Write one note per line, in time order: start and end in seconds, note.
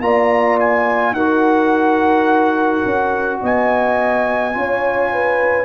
0.00 1.12 A#3
0.00 1.14 F4
0.00 1.16 D5
0.00 0.58 A#5
0.59 1.14 G#5
1.12 2.81 D#4
1.12 4.53 F#4
1.12 3.41 A#4
1.12 3.40 F#5
2.85 3.41 C#4
3.41 4.55 B3
3.41 4.54 D#5
3.41 5.65 G#5
4.53 5.65 C#4
4.53 5.65 F4
4.53 5.13 C#5
5.13 5.65 B4